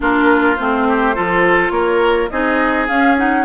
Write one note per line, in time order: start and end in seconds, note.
0.00 0.58 A#3
0.00 0.57 D4
0.00 0.87 F4
0.00 0.56 A#4
0.56 1.17 A3
0.56 1.14 C4
0.56 1.70 C5
0.88 1.15 G4
1.14 1.70 F3
1.14 2.30 F4
1.14 1.72 A4
1.70 2.28 A#3
1.70 2.30 A#4
1.70 2.28 C#5
2.29 2.89 C4
2.29 2.88 D#4
2.29 3.44 G#4
2.29 2.87 D#5
2.87 3.44 C#4
2.87 3.17 C#4
2.87 3.16 F5
3.17 3.44 D#4
3.17 3.44 F#5